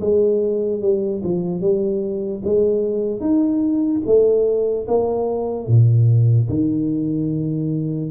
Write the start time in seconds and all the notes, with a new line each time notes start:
0.00 G#3
0.81 G3
1.23 F3
1.61 G3
2.44 G#3
3.20 D#4
4.05 A3
4.87 A#3
5.67 A#2
6.49 D#3